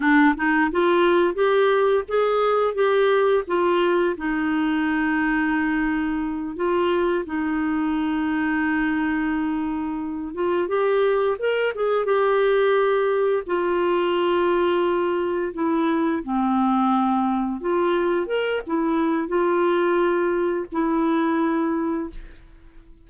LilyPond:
\new Staff \with { instrumentName = "clarinet" } { \time 4/4 \tempo 4 = 87 d'8 dis'8 f'4 g'4 gis'4 | g'4 f'4 dis'2~ | dis'4. f'4 dis'4.~ | dis'2. f'8 g'8~ |
g'8 ais'8 gis'8 g'2 f'8~ | f'2~ f'8 e'4 c'8~ | c'4. f'4 ais'8 e'4 | f'2 e'2 | }